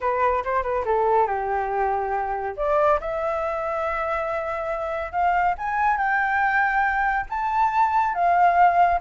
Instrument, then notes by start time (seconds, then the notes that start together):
flute
0.00 B4
0.44 C5
0.63 B4
0.85 A4
1.26 G4
2.57 D5
3.00 E5
5.12 F5
5.58 G#5
5.97 G5
7.29 A5
8.14 F5